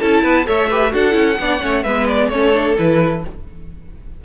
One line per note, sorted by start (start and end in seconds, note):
0.00 0.24 C#4
0.00 0.46 E4
0.00 0.23 A4
0.00 0.46 A5
0.23 0.47 B3
0.23 0.46 B4
0.46 0.93 A3
0.46 0.69 A4
0.46 0.69 C#5
0.46 0.94 E5
0.69 0.91 G4
0.69 0.92 B4
0.91 1.15 D4
0.91 1.11 F#4
0.91 1.40 A4
0.91 1.83 F#5
1.11 1.38 C#4
1.11 1.34 E4
1.39 1.62 B3
1.39 1.61 D4
1.39 1.62 D5
1.61 1.85 A3
1.61 1.84 C#4
1.61 1.83 C#5
1.83 2.29 G#3
1.83 2.32 B3
1.83 2.29 B4
1.83 2.06 E5
2.08 2.29 D5
2.29 2.75 A3
2.29 2.53 C#4
2.29 3.24 A4
2.29 2.75 C#5
2.53 2.76 D4
2.78 3.25 E3
2.78 3.24 E4
2.78 3.25 B4